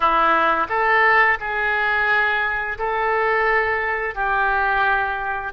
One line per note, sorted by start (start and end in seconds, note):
0.00 0.67 E4
0.69 1.38 A4
1.39 2.77 G#4
2.78 4.14 A4
4.14 5.52 G4